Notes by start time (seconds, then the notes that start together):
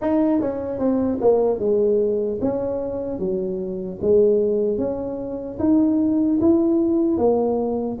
0.01 D#4
0.40 C#4
0.79 C4
1.20 A#3
1.59 G#3
2.41 C#4
3.19 F#3
4.01 G#3
4.78 C#4
5.59 D#4
6.40 E4
7.17 A#3